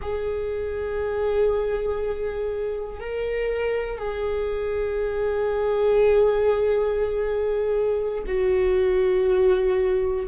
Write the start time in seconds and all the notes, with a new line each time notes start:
0.01 G#4
3.00 A#4
3.98 G#4
8.26 F#4